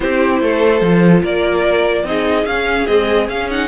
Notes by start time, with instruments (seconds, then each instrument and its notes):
0.00 cello C4, viola E4, violin G4 C5
0.41 cello A3, violin A4
0.81 cello F3, viola F4
1.22 cello A#3, violin A#4 D5
2.03 cello C4, viola D#4, violin G#4 D#5
2.45 cello C#4, viola C#4, violin F5
2.86 viola G#3, cello C4, violin D#5
3.29 cello C#4, viola C#4, violin F5
3.50 viola D#4, violin F#5